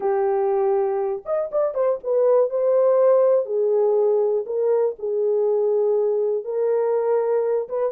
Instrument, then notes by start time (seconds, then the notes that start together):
horn
0.00 G4
1.25 D#5
1.51 D5
1.74 C5
2.03 B4
2.50 C5
3.45 G#4
4.45 A#4
4.98 G#4
6.44 A#4
7.68 B4